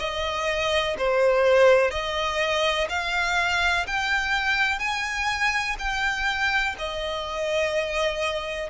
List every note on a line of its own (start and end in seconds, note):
0.00 0.97 D#5
0.98 1.91 C5
1.91 2.88 D#5
2.89 3.86 F5
3.88 4.80 G5
4.80 5.77 G#5
5.79 6.76 G5
6.79 8.70 D#5